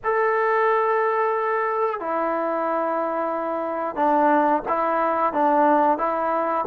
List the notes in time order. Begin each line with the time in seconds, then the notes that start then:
0.04 A4
1.99 E4
3.95 D4
4.68 E4
5.33 D4
5.98 E4